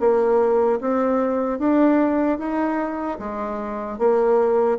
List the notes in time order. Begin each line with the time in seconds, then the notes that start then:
0.00 A#3
0.81 C4
1.59 D4
2.39 D#4
3.19 G#3
3.99 A#3